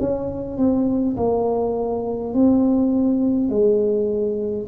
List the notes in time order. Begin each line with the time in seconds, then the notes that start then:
0.00 C#4
0.58 C4
1.17 A#3
2.34 C4
3.50 G#3